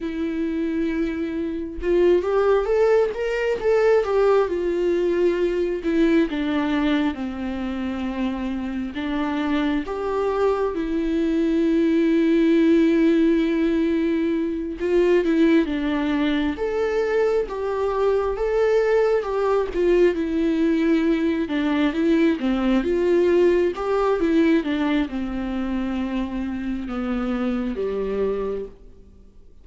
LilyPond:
\new Staff \with { instrumentName = "viola" } { \time 4/4 \tempo 4 = 67 e'2 f'8 g'8 a'8 ais'8 | a'8 g'8 f'4. e'8 d'4 | c'2 d'4 g'4 | e'1~ |
e'8 f'8 e'8 d'4 a'4 g'8~ | g'8 a'4 g'8 f'8 e'4. | d'8 e'8 c'8 f'4 g'8 e'8 d'8 | c'2 b4 g4 | }